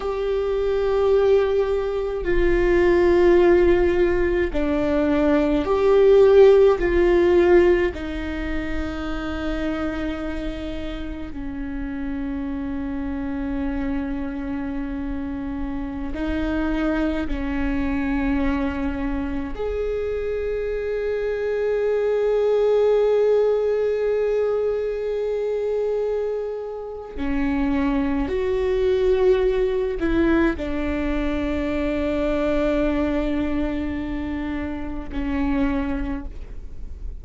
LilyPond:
\new Staff \with { instrumentName = "viola" } { \time 4/4 \tempo 4 = 53 g'2 f'2 | d'4 g'4 f'4 dis'4~ | dis'2 cis'2~ | cis'2~ cis'16 dis'4 cis'8.~ |
cis'4~ cis'16 gis'2~ gis'8.~ | gis'1 | cis'4 fis'4. e'8 d'4~ | d'2. cis'4 | }